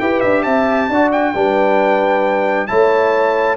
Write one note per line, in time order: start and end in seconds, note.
0.00 0.23 E4
0.00 0.91 G4
0.00 0.44 B4
0.00 0.21 G5
0.21 0.45 D4
0.21 0.43 E5
0.43 0.89 C4
0.43 0.89 E5
0.43 1.10 A5
0.89 1.34 D4
0.89 1.35 F#4
0.89 1.35 D5
1.12 2.67 G5
1.35 2.69 G3
1.35 2.68 D4
1.35 2.69 B4
2.67 3.57 A3
2.67 3.57 E4
2.67 3.57 C#5
2.67 3.57 A5